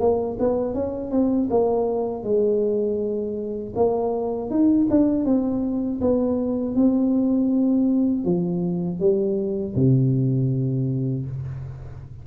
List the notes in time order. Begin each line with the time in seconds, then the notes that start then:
0.00 A#3
0.40 B3
0.74 C#4
1.11 C4
1.50 A#3
2.24 G#3
3.75 A#3
4.50 D#4
4.90 D4
5.25 C4
6.01 B3
6.75 C4
8.25 F3
9.00 G3
9.75 C3